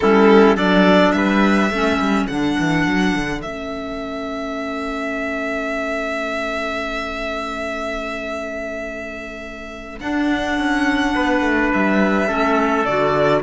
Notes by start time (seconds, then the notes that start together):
0.00 G3 C#4 E4 A4
0.55 F#3 D4 A4 D5
1.12 G3 B4 E5
1.69 A3 C#4 A4
1.98 G3
2.27 D3 D4 F#5
2.59 E3
2.86 F#3
3.15 D3
3.41 A3 C#4 E5
10.00 D4 F#5
10.57 C#4
11.14 B3 B4
11.41 A3
11.73 G3 E5
12.27 A3 C#4 A4
12.85 D3 F#4 D5